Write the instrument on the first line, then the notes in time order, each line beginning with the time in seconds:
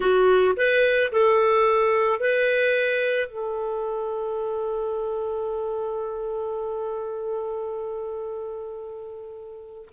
clarinet
0.00 F#4
0.56 B4
1.12 A4
2.19 B4
3.28 A4